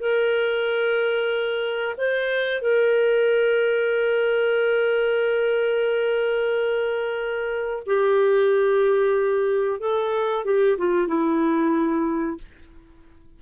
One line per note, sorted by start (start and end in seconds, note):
0.00 1.96 A#4
1.97 2.61 C5
2.61 7.83 A#4
7.86 9.80 G4
9.80 10.45 A4
10.45 10.78 G4
10.78 11.08 F4
11.08 12.38 E4